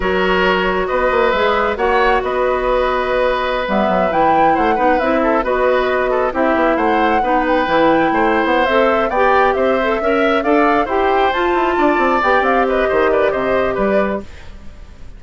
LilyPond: <<
  \new Staff \with { instrumentName = "flute" } { \time 4/4 \tempo 4 = 135 cis''2 dis''4 e''4 | fis''4 dis''2.~ | dis''16 e''4 g''4 fis''4 e''8.~ | e''16 dis''2 e''4 fis''8.~ |
fis''8. g''2~ g''16 fis''8 e''8~ | e''8 g''4 e''2 f''8~ | f''8 g''4 a''2 g''8 | f''8 dis''4 d''8 dis''4 d''4 | }
  \new Staff \with { instrumentName = "oboe" } { \time 4/4 ais'2 b'2 | cis''4 b'2.~ | b'2~ b'16 c''8 b'4 a'16~ | a'16 b'4. a'8 g'4 c''8.~ |
c''16 b'2 c''4.~ c''16~ | c''8 d''4 c''4 e''4 d''8~ | d''8 c''2 d''4.~ | d''8 b'8 c''8 b'8 c''4 b'4 | }
  \new Staff \with { instrumentName = "clarinet" } { \time 4/4 fis'2. gis'4 | fis'1~ | fis'16 b4 e'4. dis'8 e'8.~ | e'16 fis'2 e'4.~ e'16~ |
e'16 dis'4 e'2~ e'16 a'8~ | a'8 g'4. a'8 ais'4 a'8~ | a'8 g'4 f'2 g'8~ | g'1 | }
  \new Staff \with { instrumentName = "bassoon" } { \time 4/4 fis2 b8 ais8 gis4 | ais4 b2.~ | b16 g8 fis8 e4 a8 b8 c'8.~ | c'16 b2 c'8 b8 a8.~ |
a16 b4 e4 a8. b8 c'8~ | c'8 b4 c'4 cis'4 d'8~ | d'8 e'4 f'8 e'8 d'8 c'8 b8 | c'4 dis4 c4 g4 | }
>>